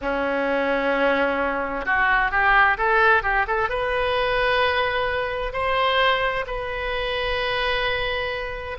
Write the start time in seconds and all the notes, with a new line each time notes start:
0.01 C#4
1.85 F#4
2.31 G4
2.77 A4
3.22 G4
3.47 A4
3.69 B4
5.52 C5
6.46 B4